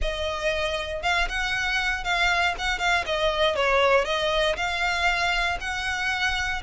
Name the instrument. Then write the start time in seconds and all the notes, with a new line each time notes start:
violin
0.01 D#5
1.02 F5
1.29 F#5
2.03 F5
2.58 F#5
2.78 F5
3.06 D#5
3.55 C#5
4.04 D#5
4.56 F5
5.60 F#5